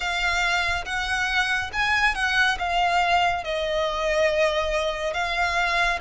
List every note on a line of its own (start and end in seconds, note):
0.00 0.85 F5
0.85 1.70 F#5
1.72 2.14 G#5
2.14 2.57 F#5
2.59 3.44 F5
3.44 5.13 D#5
5.13 5.99 F5